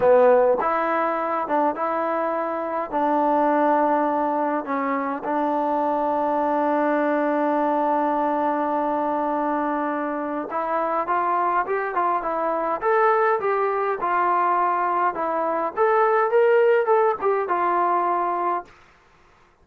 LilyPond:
\new Staff \with { instrumentName = "trombone" } { \time 4/4 \tempo 4 = 103 b4 e'4. d'8 e'4~ | e'4 d'2. | cis'4 d'2.~ | d'1~ |
d'2 e'4 f'4 | g'8 f'8 e'4 a'4 g'4 | f'2 e'4 a'4 | ais'4 a'8 g'8 f'2 | }